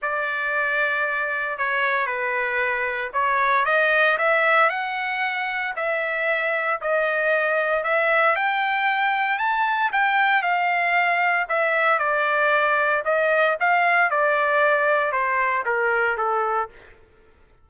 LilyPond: \new Staff \with { instrumentName = "trumpet" } { \time 4/4 \tempo 4 = 115 d''2. cis''4 | b'2 cis''4 dis''4 | e''4 fis''2 e''4~ | e''4 dis''2 e''4 |
g''2 a''4 g''4 | f''2 e''4 d''4~ | d''4 dis''4 f''4 d''4~ | d''4 c''4 ais'4 a'4 | }